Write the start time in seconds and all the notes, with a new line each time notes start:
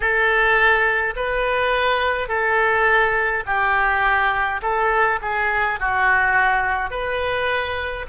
0.00 A4
1.15 B4
2.28 A4
3.46 G4
4.62 A4
5.21 G#4
5.80 F#4
6.90 B4